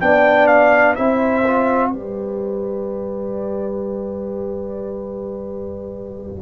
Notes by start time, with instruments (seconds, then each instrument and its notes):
0.00 tuba B3, trombone D4, horn D5, trumpet G5
0.46 trumpet F5
0.95 tuba C4, trombone E4, horn C5, trumpet E5
1.45 trombone F4
1.90 tuba G3, trombone G4, horn B4, trumpet D5